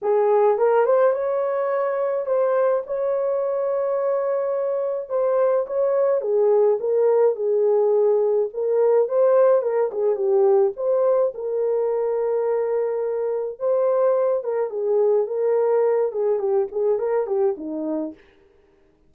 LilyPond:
\new Staff \with { instrumentName = "horn" } { \time 4/4 \tempo 4 = 106 gis'4 ais'8 c''8 cis''2 | c''4 cis''2.~ | cis''4 c''4 cis''4 gis'4 | ais'4 gis'2 ais'4 |
c''4 ais'8 gis'8 g'4 c''4 | ais'1 | c''4. ais'8 gis'4 ais'4~ | ais'8 gis'8 g'8 gis'8 ais'8 g'8 dis'4 | }